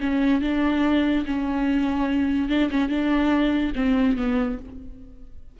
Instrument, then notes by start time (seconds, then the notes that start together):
viola
0.00 C#4
0.41 D4
1.26 C#4
2.49 D4
2.70 C#4
2.89 D4
3.75 C4
4.17 B3